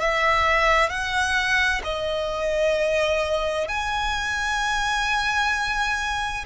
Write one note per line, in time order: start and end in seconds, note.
0.00 0.89 E5
0.89 1.82 F#5
1.84 3.68 D#5
3.68 6.45 G#5